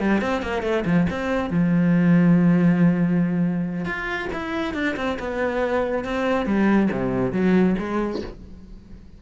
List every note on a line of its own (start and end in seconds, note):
0.00 0.22 G3
0.22 0.43 C4
0.43 0.63 A#3
0.63 0.84 A3
0.86 1.07 F3
1.10 1.50 C4
1.50 3.86 F3
3.86 4.29 F4
4.33 4.74 E4
4.74 4.96 D4
4.97 5.19 C4
5.20 6.05 B3
6.05 6.46 C4
6.46 6.89 G3
6.92 7.33 C3
7.33 7.76 F#3
7.79 8.22 G#3